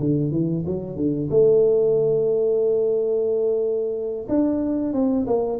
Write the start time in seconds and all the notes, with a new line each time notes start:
0.00 D3
0.31 E3
0.66 F#3
0.96 D3
1.30 A3
4.29 D4
4.93 C4
5.27 A#3